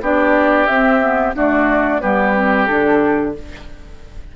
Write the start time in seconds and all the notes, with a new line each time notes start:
0.00 B3 D4 G4 D5
0.66 C4 E5
1.00 B3
1.34 A3 D4 F#4 D5
2.00 G3 B3 G4 B4
2.34 C4
2.65 D3 D4 A4